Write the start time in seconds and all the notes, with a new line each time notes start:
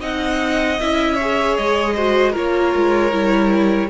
0.00 C4 D#4 D#5 F#5
0.80 C#4 E4 E5
1.15 G#4 C#5
1.56 G#3 D#5
1.96 F#4 C5
2.32 A#3 F4 A#4 C#5
2.76 G#3
3.12 G3 E4